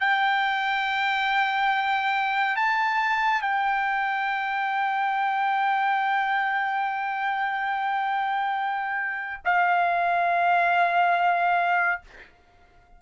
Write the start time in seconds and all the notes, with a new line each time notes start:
0.00 G5
2.56 A5
3.42 G5
9.45 F5